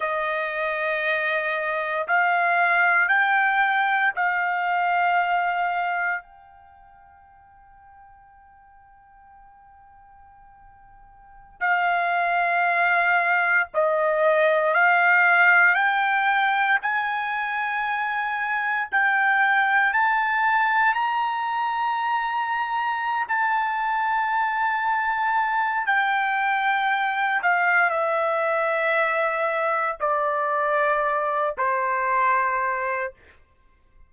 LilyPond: \new Staff \with { instrumentName = "trumpet" } { \time 4/4 \tempo 4 = 58 dis''2 f''4 g''4 | f''2 g''2~ | g''2.~ g''16 f''8.~ | f''4~ f''16 dis''4 f''4 g''8.~ |
g''16 gis''2 g''4 a''8.~ | a''16 ais''2~ ais''16 a''4.~ | a''4 g''4. f''8 e''4~ | e''4 d''4. c''4. | }